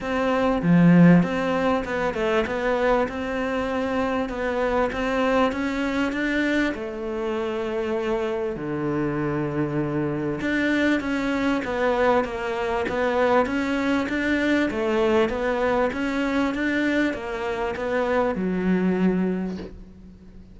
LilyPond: \new Staff \with { instrumentName = "cello" } { \time 4/4 \tempo 4 = 98 c'4 f4 c'4 b8 a8 | b4 c'2 b4 | c'4 cis'4 d'4 a4~ | a2 d2~ |
d4 d'4 cis'4 b4 | ais4 b4 cis'4 d'4 | a4 b4 cis'4 d'4 | ais4 b4 fis2 | }